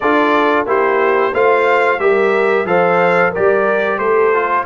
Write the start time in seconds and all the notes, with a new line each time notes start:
0.00 D4 F4 A4 D5
0.65 A#3 E4 G4 C5
1.32 A3 F4 C5 F5
1.99 G3 G4 A#4 E5
2.64 F3 A4 C5 F5
3.31 G4 A#4 D5
3.37 G3
3.98 A3 A4 C5
4.34 F4